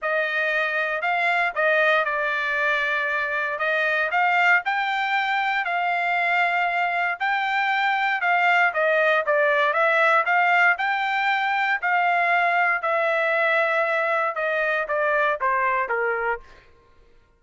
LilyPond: \new Staff \with { instrumentName = "trumpet" } { \time 4/4 \tempo 4 = 117 dis''2 f''4 dis''4 | d''2. dis''4 | f''4 g''2 f''4~ | f''2 g''2 |
f''4 dis''4 d''4 e''4 | f''4 g''2 f''4~ | f''4 e''2. | dis''4 d''4 c''4 ais'4 | }